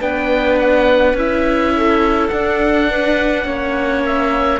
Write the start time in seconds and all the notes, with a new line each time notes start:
0.00 B3 D4 B4 G5
0.58 F#5
1.13 C#4 E4 E5
1.76 A4
2.28 D4 F#5
2.90 B4
3.44 A#3 C#4 C#5
4.06 E5